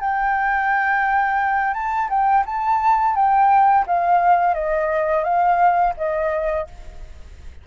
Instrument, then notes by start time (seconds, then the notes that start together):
flute
0.00 G5
1.73 A5
2.09 G5
2.46 A5
3.15 G5
3.86 F5
4.54 D#5
5.24 F5
5.97 D#5